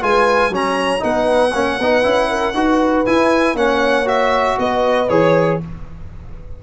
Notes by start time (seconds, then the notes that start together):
0.00 G#3 F4 B4 G#5
0.50 F#3 C#4 C#5 A#5
0.99 B3 D#4 B4 F#5
1.53 A#3 C#4 C#5
1.79 B3 D#4 B4
2.03 C#4 E4
2.29 A#4
2.53 D#4 F#4 B4
3.05 E4 G#5
3.54 A#3 C#4 C#5 F#5
4.05 F#4 E5
4.58 B3 B4 D#5
5.09 E3 G#4 C#5